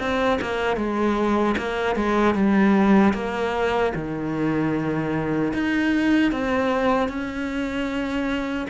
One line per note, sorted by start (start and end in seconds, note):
0.00 0.39 C4
0.42 0.77 A#3
0.77 1.56 G#3
1.58 1.96 A#3
1.96 2.35 G#3
2.35 3.14 G3
3.14 3.93 A#3
3.95 5.53 D#3
5.54 6.32 D#4
6.32 7.09 C4
7.09 8.67 C#4